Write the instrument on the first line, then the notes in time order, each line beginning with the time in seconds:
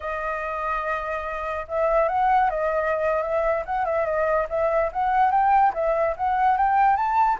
flute
0.00 D#5
1.68 E5
2.08 F#5
2.50 D#5
3.22 E5
3.65 F#5
3.85 E5
4.05 D#5
4.49 E5
4.92 F#5
5.31 G5
5.74 E5
6.16 F#5
6.57 G5
6.96 A5